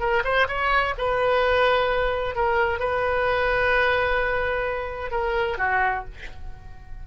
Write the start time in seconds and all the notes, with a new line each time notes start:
0.00 A#4
0.25 C5
0.48 C#5
0.98 B4
2.36 A#4
2.79 B4
5.11 A#4
5.58 F#4